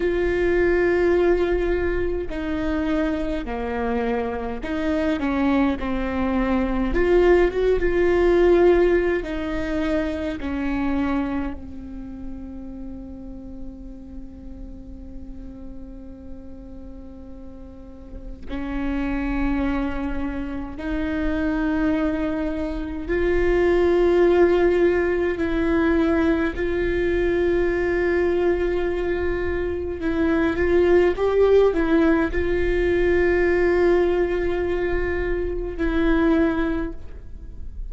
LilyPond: \new Staff \with { instrumentName = "viola" } { \time 4/4 \tempo 4 = 52 f'2 dis'4 ais4 | dis'8 cis'8 c'4 f'8 fis'16 f'4~ f'16 | dis'4 cis'4 c'2~ | c'1 |
cis'2 dis'2 | f'2 e'4 f'4~ | f'2 e'8 f'8 g'8 e'8 | f'2. e'4 | }